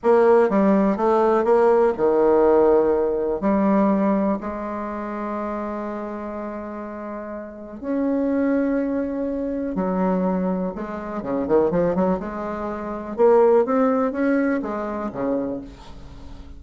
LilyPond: \new Staff \with { instrumentName = "bassoon" } { \time 4/4 \tempo 4 = 123 ais4 g4 a4 ais4 | dis2. g4~ | g4 gis2.~ | gis1 |
cis'1 | fis2 gis4 cis8 dis8 | f8 fis8 gis2 ais4 | c'4 cis'4 gis4 cis4 | }